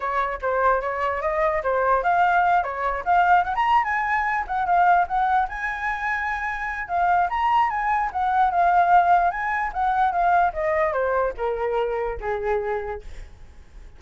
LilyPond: \new Staff \with { instrumentName = "flute" } { \time 4/4 \tempo 4 = 148 cis''4 c''4 cis''4 dis''4 | c''4 f''4. cis''4 f''8~ | f''8 fis''16 ais''8. gis''4. fis''8 f''8~ | f''8 fis''4 gis''2~ gis''8~ |
gis''4 f''4 ais''4 gis''4 | fis''4 f''2 gis''4 | fis''4 f''4 dis''4 c''4 | ais'2 gis'2 | }